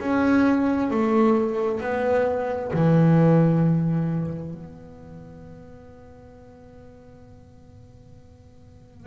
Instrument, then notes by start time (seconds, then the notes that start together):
double bass
0.00 C#4
0.91 A3
1.81 B3
2.74 E3
4.54 B3